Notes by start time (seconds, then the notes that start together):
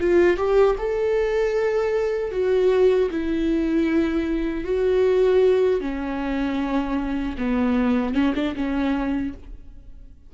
0.00 F4
0.37 G4
0.78 A4
2.31 F#4
3.11 E4
4.64 F#4
5.81 C#4
7.38 B3
8.14 C#4
8.35 D4
8.55 C#4